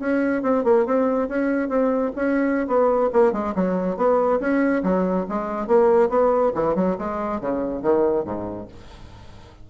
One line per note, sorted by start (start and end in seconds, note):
0.00 0.43 C#4
0.43 0.64 C4
0.64 0.86 A#3
0.86 1.29 C4
1.29 1.69 C#4
1.69 2.12 C4
2.16 2.67 C#4
2.67 3.10 B3
3.13 3.33 A#3
3.33 3.54 G#3
3.55 3.97 F#3
3.97 4.40 B3
4.40 4.83 C#4
4.84 5.26 F#3
5.29 5.67 G#3
5.67 6.10 A#3
6.10 6.52 B3
6.55 6.75 E3
6.75 6.97 F#3
6.99 7.41 G#3
7.41 7.83 C#3
7.83 8.25 D#3
8.25 8.68 G#2